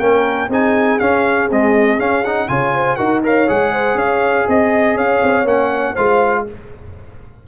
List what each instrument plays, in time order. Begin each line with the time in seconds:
0.00 tuba A#3, trombone C#4, horn A#4, trumpet G5
0.49 tuba C4, trombone D#4, horn G#4, trumpet G#5
0.99 tuba C#4, trombone C#4, trumpet F5
1.50 trombone G#3, tuba C4, trumpet D#5
1.99 tuba C#4, trombone C#4, trumpet F5
2.25 trombone D#4, trumpet F#5
2.49 tuba C#3, trombone F4, horn C#5, trumpet G#5
2.75 horn C5
2.96 tuba D#4, trombone F#4, horn A#4, trumpet F#5
3.24 trombone A#4, horn C#5, trumpet F5
3.48 tuba G#3, trombone G#4, trumpet F#5
3.73 horn C5
3.95 tuba C#4, horn C#5, trumpet F5
4.48 tuba C4, horn D#5, trumpet D#5
4.95 tuba C#4, horn C#5, trumpet F5
5.23 tuba C4
5.45 tuba A#3, trombone C#4, trumpet F#5
5.94 tuba G#3, trombone F4, horn C5, trumpet F5